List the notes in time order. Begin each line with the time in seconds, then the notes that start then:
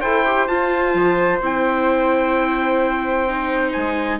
0.00 E4 A4 C5 G5
0.25 G4
0.47 F4 A5
0.94 F3
1.41 C4 E4 G5
3.28 D#4
3.72 G#3 G#5